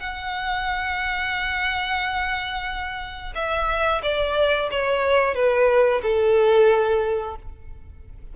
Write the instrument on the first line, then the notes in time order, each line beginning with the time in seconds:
violin
0.00 F#5
3.35 E5
4.03 D5
4.71 C#5
5.35 B4
6.03 A4